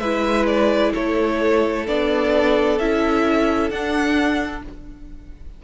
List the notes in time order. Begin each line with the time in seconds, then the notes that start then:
0.00 G#3 E4 B4 E5
0.47 D5
0.94 A3 A4 C#5
1.87 B3 D4 D5
2.79 C#4 E4 E5
3.71 D4 F#5